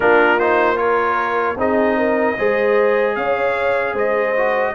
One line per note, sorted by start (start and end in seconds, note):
0.00 1.55 A#3
0.00 0.39 D4
0.00 0.78 F4
0.00 0.39 A#4
0.39 0.76 D#4
0.39 0.77 C5
0.76 1.55 F4
0.76 1.57 A#4
0.76 1.56 C#5
1.57 2.36 C4
1.57 2.37 D#4
1.57 1.97 G#4
1.57 3.15 D#5
1.97 2.36 A#4
2.37 3.16 G#3
2.37 4.35 G#4
2.37 3.16 C5
3.15 3.93 C#4
3.15 3.93 C#5
3.15 3.94 F5
3.93 4.72 G#3
3.93 4.72 C5
3.93 4.74 D#5
4.36 4.74 F#4